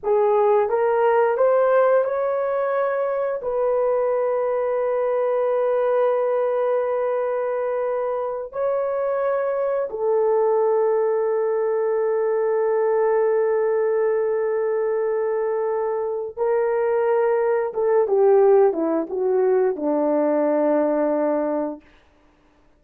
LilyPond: \new Staff \with { instrumentName = "horn" } { \time 4/4 \tempo 4 = 88 gis'4 ais'4 c''4 cis''4~ | cis''4 b'2.~ | b'1~ | b'8 cis''2 a'4.~ |
a'1~ | a'1 | ais'2 a'8 g'4 e'8 | fis'4 d'2. | }